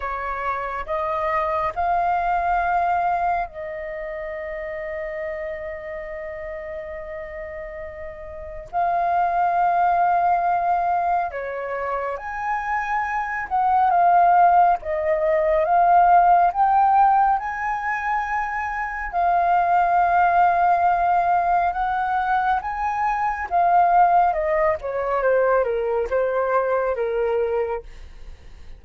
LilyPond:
\new Staff \with { instrumentName = "flute" } { \time 4/4 \tempo 4 = 69 cis''4 dis''4 f''2 | dis''1~ | dis''2 f''2~ | f''4 cis''4 gis''4. fis''8 |
f''4 dis''4 f''4 g''4 | gis''2 f''2~ | f''4 fis''4 gis''4 f''4 | dis''8 cis''8 c''8 ais'8 c''4 ais'4 | }